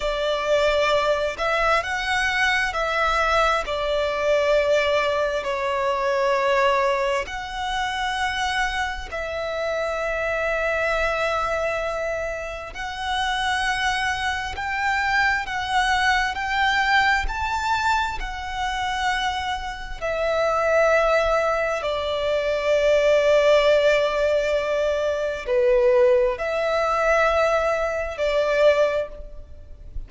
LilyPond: \new Staff \with { instrumentName = "violin" } { \time 4/4 \tempo 4 = 66 d''4. e''8 fis''4 e''4 | d''2 cis''2 | fis''2 e''2~ | e''2 fis''2 |
g''4 fis''4 g''4 a''4 | fis''2 e''2 | d''1 | b'4 e''2 d''4 | }